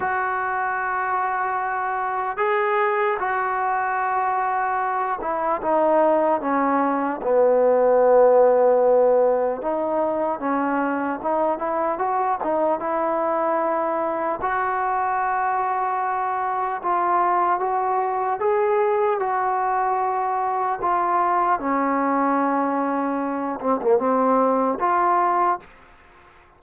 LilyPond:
\new Staff \with { instrumentName = "trombone" } { \time 4/4 \tempo 4 = 75 fis'2. gis'4 | fis'2~ fis'8 e'8 dis'4 | cis'4 b2. | dis'4 cis'4 dis'8 e'8 fis'8 dis'8 |
e'2 fis'2~ | fis'4 f'4 fis'4 gis'4 | fis'2 f'4 cis'4~ | cis'4. c'16 ais16 c'4 f'4 | }